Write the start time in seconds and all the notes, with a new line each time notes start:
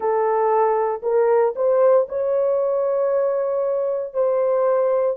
0.00 A4
1.02 A#4
1.55 C5
2.08 C#5
4.13 C5